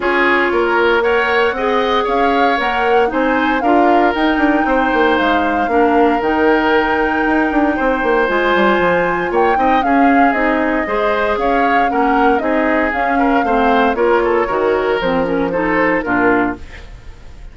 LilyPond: <<
  \new Staff \with { instrumentName = "flute" } { \time 4/4 \tempo 4 = 116 cis''2 fis''2 | f''4 fis''4 gis''4 f''4 | g''2 f''2 | g''1 |
gis''2 g''4 f''4 | dis''2 f''4 fis''4 | dis''4 f''2 cis''4~ | cis''4 c''8 ais'8 c''4 ais'4 | }
  \new Staff \with { instrumentName = "oboe" } { \time 4/4 gis'4 ais'4 cis''4 dis''4 | cis''2 c''4 ais'4~ | ais'4 c''2 ais'4~ | ais'2. c''4~ |
c''2 cis''8 dis''8 gis'4~ | gis'4 c''4 cis''4 ais'4 | gis'4. ais'8 c''4 ais'8 a'8 | ais'2 a'4 f'4 | }
  \new Staff \with { instrumentName = "clarinet" } { \time 4/4 f'2 ais'4 gis'4~ | gis'4 ais'4 dis'4 f'4 | dis'2. d'4 | dis'1 |
f'2~ f'8 dis'8 cis'4 | dis'4 gis'2 cis'4 | dis'4 cis'4 c'4 f'4 | fis'4 c'8 cis'8 dis'4 d'4 | }
  \new Staff \with { instrumentName = "bassoon" } { \time 4/4 cis'4 ais2 c'4 | cis'4 ais4 c'4 d'4 | dis'8 d'8 c'8 ais8 gis4 ais4 | dis2 dis'8 d'8 c'8 ais8 |
gis8 g8 f4 ais8 c'8 cis'4 | c'4 gis4 cis'4 ais4 | c'4 cis'4 a4 ais4 | dis4 f2 ais,4 | }
>>